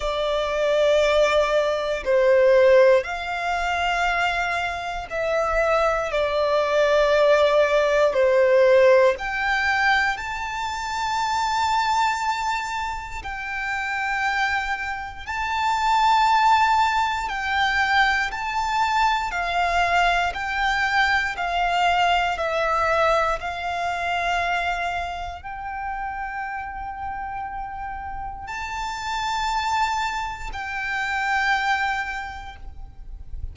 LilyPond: \new Staff \with { instrumentName = "violin" } { \time 4/4 \tempo 4 = 59 d''2 c''4 f''4~ | f''4 e''4 d''2 | c''4 g''4 a''2~ | a''4 g''2 a''4~ |
a''4 g''4 a''4 f''4 | g''4 f''4 e''4 f''4~ | f''4 g''2. | a''2 g''2 | }